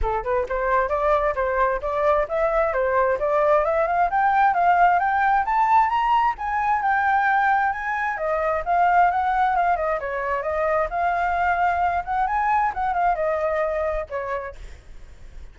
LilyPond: \new Staff \with { instrumentName = "flute" } { \time 4/4 \tempo 4 = 132 a'8 b'8 c''4 d''4 c''4 | d''4 e''4 c''4 d''4 | e''8 f''8 g''4 f''4 g''4 | a''4 ais''4 gis''4 g''4~ |
g''4 gis''4 dis''4 f''4 | fis''4 f''8 dis''8 cis''4 dis''4 | f''2~ f''8 fis''8 gis''4 | fis''8 f''8 dis''2 cis''4 | }